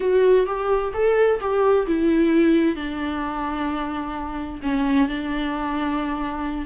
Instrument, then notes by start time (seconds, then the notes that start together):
viola
0.00 F#4
0.46 G4
0.93 A4
1.40 G4
1.86 E4
2.75 D4
4.62 C#4
5.08 D4